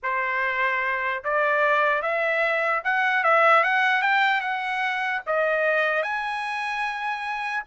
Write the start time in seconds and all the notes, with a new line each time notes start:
0.02 C5
1.24 D5
2.02 E5
2.84 F#5
3.23 E5
3.63 F#5
4.01 G5
4.40 F#5
5.26 D#5
6.02 G#5